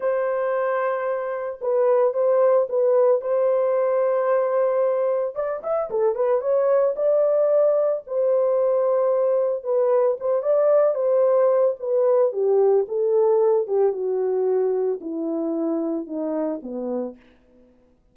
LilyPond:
\new Staff \with { instrumentName = "horn" } { \time 4/4 \tempo 4 = 112 c''2. b'4 | c''4 b'4 c''2~ | c''2 d''8 e''8 a'8 b'8 | cis''4 d''2 c''4~ |
c''2 b'4 c''8 d''8~ | d''8 c''4. b'4 g'4 | a'4. g'8 fis'2 | e'2 dis'4 b4 | }